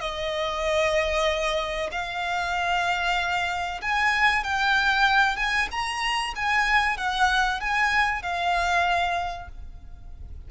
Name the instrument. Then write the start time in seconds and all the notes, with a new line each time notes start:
violin
0.00 D#5
1.91 F5
3.81 G#5
4.43 G5
5.36 G#5
5.71 A#5
6.35 G#5
6.97 F#5
7.60 G#5
8.22 F5